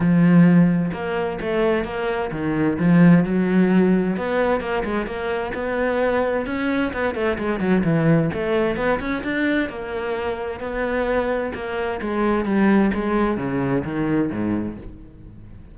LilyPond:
\new Staff \with { instrumentName = "cello" } { \time 4/4 \tempo 4 = 130 f2 ais4 a4 | ais4 dis4 f4 fis4~ | fis4 b4 ais8 gis8 ais4 | b2 cis'4 b8 a8 |
gis8 fis8 e4 a4 b8 cis'8 | d'4 ais2 b4~ | b4 ais4 gis4 g4 | gis4 cis4 dis4 gis,4 | }